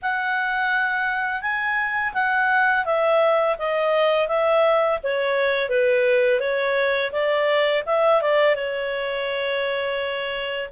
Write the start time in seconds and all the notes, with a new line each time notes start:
0.02 F#5
1.41 G#5
2.13 F#5
2.85 E5
3.58 D#5
4.28 E5
5.03 C#5
5.69 B4
6.39 C#5
7.11 D5
7.85 E5
8.21 D5
8.55 C#5